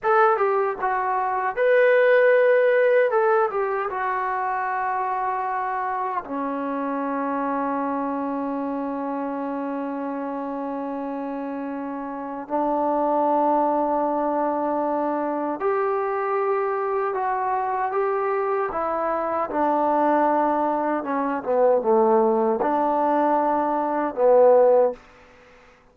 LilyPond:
\new Staff \with { instrumentName = "trombone" } { \time 4/4 \tempo 4 = 77 a'8 g'8 fis'4 b'2 | a'8 g'8 fis'2. | cis'1~ | cis'1 |
d'1 | g'2 fis'4 g'4 | e'4 d'2 cis'8 b8 | a4 d'2 b4 | }